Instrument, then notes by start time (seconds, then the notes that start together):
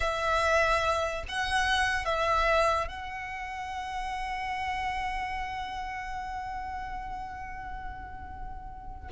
violin
0.00 E5
1.28 F#5
2.05 E5
2.88 F#5